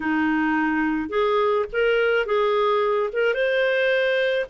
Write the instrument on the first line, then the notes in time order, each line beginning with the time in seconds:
clarinet
0.00 D#4
1.09 G#4
1.72 A#4
2.26 G#4
3.12 A#4
3.33 C5